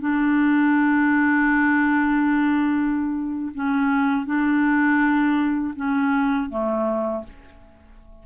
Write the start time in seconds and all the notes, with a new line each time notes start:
0.00 D4
3.55 C#4
4.26 D4
5.75 C#4
6.49 A3